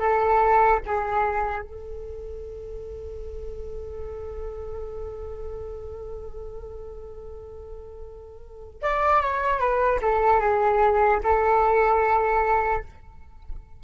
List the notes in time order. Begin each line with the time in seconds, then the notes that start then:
0.00 A4
0.86 G#4
1.63 A4
8.83 D5
9.22 C#5
9.60 B4
10.02 A4
10.41 G#4
11.24 A4